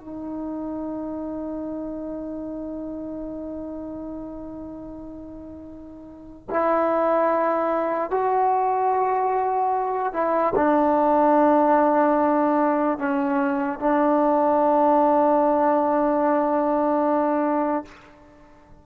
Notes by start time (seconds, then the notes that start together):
0.00 D#4
6.50 E4
8.11 F#4
10.14 E4
10.56 D4
12.99 C#4
13.80 D4